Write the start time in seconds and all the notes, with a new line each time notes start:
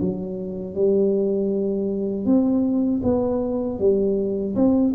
0.00 F#3
0.75 G3
2.25 C4
3.03 B3
3.79 G3
4.55 C4